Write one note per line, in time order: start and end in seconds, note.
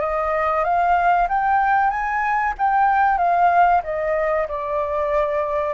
0.00 0.64 D#5
0.64 1.28 F5
1.28 1.90 G5
1.90 2.54 G#5
2.58 3.18 G5
3.18 3.82 F5
3.83 4.47 D#5
4.48 5.74 D5